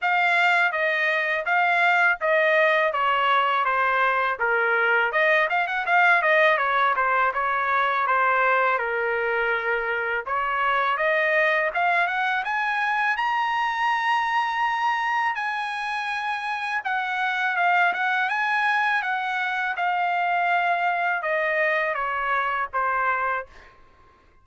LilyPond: \new Staff \with { instrumentName = "trumpet" } { \time 4/4 \tempo 4 = 82 f''4 dis''4 f''4 dis''4 | cis''4 c''4 ais'4 dis''8 f''16 fis''16 | f''8 dis''8 cis''8 c''8 cis''4 c''4 | ais'2 cis''4 dis''4 |
f''8 fis''8 gis''4 ais''2~ | ais''4 gis''2 fis''4 | f''8 fis''8 gis''4 fis''4 f''4~ | f''4 dis''4 cis''4 c''4 | }